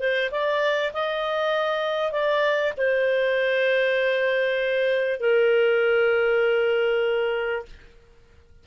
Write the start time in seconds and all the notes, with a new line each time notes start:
0.00 C5
0.31 D5
0.93 D#5
2.12 D5
2.77 C5
5.20 A#4